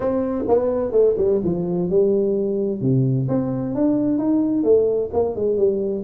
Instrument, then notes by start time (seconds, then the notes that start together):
tuba
0.00 C4
0.48 B3
0.91 A3
1.17 G3
1.44 F3
1.89 G3
2.81 C3
3.28 C4
3.74 D4
4.18 D#4
4.63 A3
5.13 A#3
5.35 G#3
5.57 G3